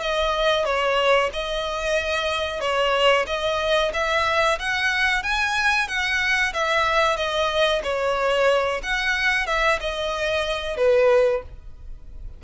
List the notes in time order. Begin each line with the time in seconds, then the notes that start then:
0.00 D#5
0.65 C#5
1.33 D#5
2.61 C#5
3.27 D#5
3.93 E5
4.59 F#5
5.23 G#5
5.88 F#5
6.53 E5
7.16 D#5
7.83 C#5
8.83 F#5
9.47 E5
9.80 D#5
10.77 B4